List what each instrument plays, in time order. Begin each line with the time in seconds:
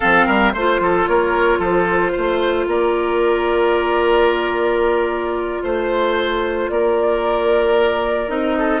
0.00 bassoon F3, clarinet C4, oboe A4, flute F5
0.26 bassoon G3, oboe A#4
0.52 bassoon A3, clarinet F4, flute C5, oboe C5
0.79 bassoon F3, oboe A4
1.06 bassoon A#3, oboe A#4, flute C#5
1.58 bassoon F3, oboe A4, flute C5
2.11 bassoon A3, oboe C5
2.66 bassoon A#3, oboe A#4, flute D5
5.63 bassoon A3, oboe C5, flute C5
6.69 bassoon A#3, oboe A#4, flute D5
8.28 bassoon C4, clarinet D#4, flute D#5
8.58 oboe A4